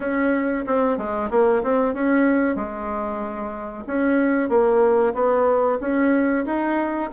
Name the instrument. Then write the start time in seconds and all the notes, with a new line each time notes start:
bassoon
0.00 C#4
0.66 C4
0.97 G#3
1.30 A#3
1.63 C4
1.94 C#4
2.55 G#3
3.87 C#4
4.49 A#3
5.14 B3
5.80 C#4
6.45 D#4